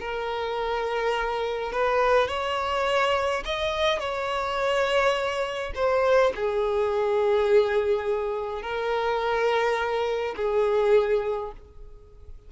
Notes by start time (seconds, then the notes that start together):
0.00 A#4
1.72 B4
2.28 C#5
3.45 D#5
3.99 C#5
5.75 C5
6.35 G#4
8.62 A#4
10.36 G#4